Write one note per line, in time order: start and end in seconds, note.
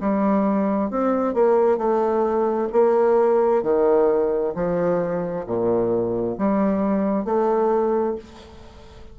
0.00 0.90 G3
0.90 1.34 C4
1.34 1.77 A#3
1.77 2.68 A3
2.72 3.63 A#3
3.63 4.54 D#3
4.55 5.45 F3
5.46 6.37 A#2
6.38 7.24 G3
7.24 8.15 A3